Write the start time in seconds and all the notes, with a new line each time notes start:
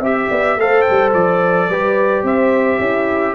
0.00 C4 G4 E5
0.30 B3 D5
0.57 A3 A4 C5 F5
0.82 G5
0.90 G3
1.14 F3 D5
1.69 G3 G4 B4
2.23 C4 C5 E5
2.80 C#4 E4